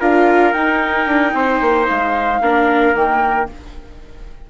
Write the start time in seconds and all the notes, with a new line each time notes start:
0.00 D4 F4 A#4 F5
0.53 D#4 G5
1.06 D4
1.33 C4 C5
1.61 A#3
1.89 G#3 F5
2.41 A#3 D4 A#4
2.94 D#3 A#3 G5